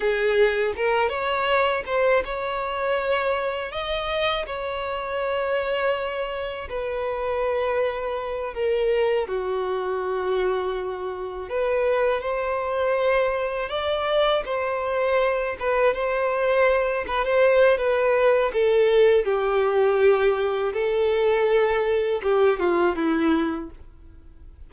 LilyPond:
\new Staff \with { instrumentName = "violin" } { \time 4/4 \tempo 4 = 81 gis'4 ais'8 cis''4 c''8 cis''4~ | cis''4 dis''4 cis''2~ | cis''4 b'2~ b'8 ais'8~ | ais'8 fis'2. b'8~ |
b'8 c''2 d''4 c''8~ | c''4 b'8 c''4. b'16 c''8. | b'4 a'4 g'2 | a'2 g'8 f'8 e'4 | }